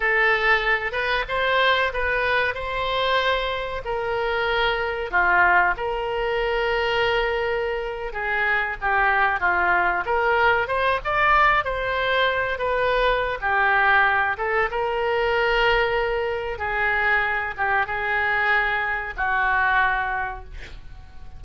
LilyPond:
\new Staff \with { instrumentName = "oboe" } { \time 4/4 \tempo 4 = 94 a'4. b'8 c''4 b'4 | c''2 ais'2 | f'4 ais'2.~ | ais'8. gis'4 g'4 f'4 ais'16~ |
ais'8. c''8 d''4 c''4. b'16~ | b'4 g'4. a'8 ais'4~ | ais'2 gis'4. g'8 | gis'2 fis'2 | }